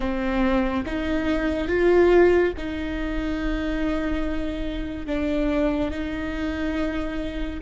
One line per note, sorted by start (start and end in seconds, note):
0.00 0.85 C4
0.85 1.68 D#4
1.68 2.52 F4
2.57 5.06 D#4
5.06 5.90 D4
5.90 7.59 D#4